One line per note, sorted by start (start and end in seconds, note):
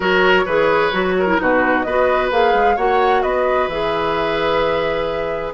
0.00 0.46 F#3
0.00 0.46 F#4
0.00 0.44 A#4
0.00 1.40 C#5
0.45 0.92 E3
0.45 0.92 G#4
0.45 1.15 B4
0.92 1.39 F#3
0.92 1.26 F#4
1.18 1.41 A#4
1.27 1.38 E4
1.38 1.85 B2
1.38 1.84 D#4
1.38 1.86 F#4
1.38 1.82 B4
1.82 2.31 B3
1.82 2.76 B4
1.82 2.28 D#5
1.88 2.31 F#4
2.31 2.53 A#3
2.31 2.77 G#4
2.31 2.77 F5
2.53 2.76 G#3
2.76 3.23 A#3
2.76 3.69 F#4
2.76 3.22 C#5
2.76 3.22 F#5
3.22 3.67 B3
3.22 5.53 B4
3.22 3.68 D#5
3.67 5.52 E3
3.67 5.54 G#4
3.67 5.53 E5